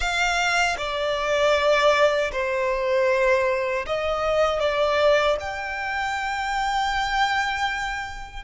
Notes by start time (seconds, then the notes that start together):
0.00 F5
0.77 D5
2.31 C5
3.86 D#5
4.59 D5
5.40 G5